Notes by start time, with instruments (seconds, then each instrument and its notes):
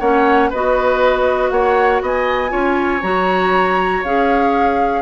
0.00 bassoon A#3, clarinet C#4, oboe C#5, flute F#5
0.50 bassoon B3, clarinet F#4, oboe B4, flute D#5
1.50 bassoon A#3, oboe C#5, flute F#5
2.02 bassoon B3, oboe D#5, flute G#5
2.50 bassoon C#4, clarinet F4, oboe C#5
3.03 bassoon F#3, clarinet F#4, flute A#5
4.04 bassoon C#4, clarinet G#4, flute F5